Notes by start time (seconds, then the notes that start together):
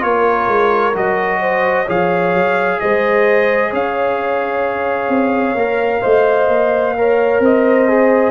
0.00 A#3 F4 A#4 C#5
0.47 G#3
0.94 F#3 F#4 D#5
1.40 C5
1.85 F3 G#4 C#5 F5
2.34 F#3
2.80 G#3 C5 D#5
3.70 C#4 C#5 F5
5.09 C4
5.54 A#3 A#4
6.02 A3 C5 D#5
6.48 A#3
6.97 A#4 C#5
7.40 C4 C5 D#5
7.88 G#4